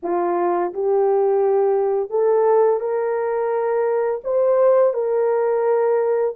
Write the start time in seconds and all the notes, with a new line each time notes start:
0.02 F4
0.73 G4
2.10 A4
2.80 A#4
4.24 C5
4.93 A#4